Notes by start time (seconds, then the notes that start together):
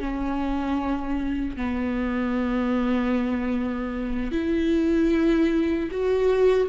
0.00 C#4
1.57 B3
4.32 E4
5.92 F#4